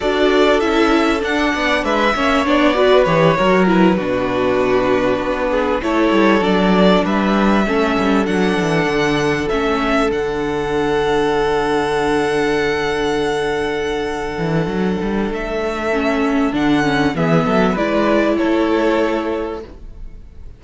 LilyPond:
<<
  \new Staff \with { instrumentName = "violin" } { \time 4/4 \tempo 4 = 98 d''4 e''4 fis''4 e''4 | d''4 cis''4 b'2~ | b'4. cis''4 d''4 e''8~ | e''4. fis''2 e''8~ |
e''8 fis''2.~ fis''8~ | fis''1~ | fis''4 e''2 fis''4 | e''4 d''4 cis''2 | }
  \new Staff \with { instrumentName = "violin" } { \time 4/4 a'2~ a'8 d''8 b'8 cis''8~ | cis''8 b'4 ais'4 fis'4.~ | fis'4 gis'8 a'2 b'8~ | b'8 a'2.~ a'8~ |
a'1~ | a'1~ | a'1 | gis'8 a'8 b'4 a'2 | }
  \new Staff \with { instrumentName = "viola" } { \time 4/4 fis'4 e'4 d'4. cis'8 | d'8 fis'8 g'8 fis'8 e'8 d'4.~ | d'4. e'4 d'4.~ | d'8 cis'4 d'2 cis'8~ |
cis'8 d'2.~ d'8~ | d'1~ | d'2 cis'4 d'8 cis'8 | b4 e'2. | }
  \new Staff \with { instrumentName = "cello" } { \time 4/4 d'4 cis'4 d'8 b8 gis8 ais8 | b4 e8 fis4 b,4.~ | b,8 b4 a8 g8 fis4 g8~ | g8 a8 g8 fis8 e8 d4 a8~ |
a8 d2.~ d8~ | d2.~ d8 e8 | fis8 g8 a2 d4 | e8 fis8 gis4 a2 | }
>>